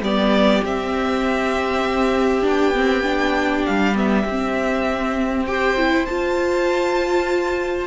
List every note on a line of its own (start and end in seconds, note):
0.00 0.61 G3
0.00 0.63 B3
0.00 5.47 G4
0.00 0.64 D5
0.64 2.44 C4
0.64 2.42 C4
0.64 2.46 E5
2.42 3.65 B3
2.42 2.72 D4
2.48 3.65 G5
2.75 3.03 C4
3.03 3.94 D4
3.65 4.24 G3
3.65 3.96 F5
3.94 4.24 B3
3.94 5.45 E5
4.24 6.06 C4
4.24 5.47 C4
5.45 5.77 G4
5.45 7.87 C5
5.45 6.05 G5
5.77 6.07 E4
6.05 7.87 F4
6.05 7.87 A5